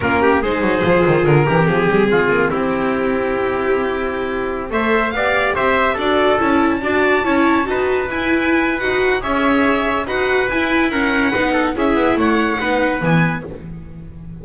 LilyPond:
<<
  \new Staff \with { instrumentName = "violin" } { \time 4/4 \tempo 4 = 143 ais'4 c''2 ais'4 | gis'2 g'2~ | g'2.~ g'16 e''8.~ | e''16 f''4 e''4 d''4 a''8.~ |
a''2.~ a''16 gis''8.~ | gis''4 fis''4 e''2 | fis''4 gis''4 fis''2 | e''4 fis''2 gis''4 | }
  \new Staff \with { instrumentName = "trumpet" } { \time 4/4 f'8 g'8 gis'2~ gis'8 g'8~ | g'4 f'4 e'2~ | e'2.~ e'16 c''8.~ | c''16 d''4 c''4 a'4.~ a'16~ |
a'16 d''4 cis''4 b'4.~ b'16~ | b'2 cis''2 | b'2 ais'4 b'8 a'8 | gis'4 cis''4 b'2 | }
  \new Staff \with { instrumentName = "viola" } { \time 4/4 cis'4 dis'4 f'4. g'16 c'16~ | c'1~ | c'2.~ c'16 a'8.~ | a'16 g'2 fis'4 e'8.~ |
e'16 fis'4 e'4 fis'4 e'8.~ | e'4 fis'4 gis'2 | fis'4 e'4 cis'4 dis'4 | e'2 dis'4 b4 | }
  \new Staff \with { instrumentName = "double bass" } { \time 4/4 ais4 gis8 fis8 f8 dis8 d8 e8 | f8 g8 gis8 ais8 c'2~ | c'2.~ c'16 a8.~ | a16 b4 c'4 d'4 cis'8.~ |
cis'16 d'4 cis'4 dis'4 e'8.~ | e'4 dis'4 cis'2 | dis'4 e'2 b4 | cis'8 b8 a4 b4 e4 | }
>>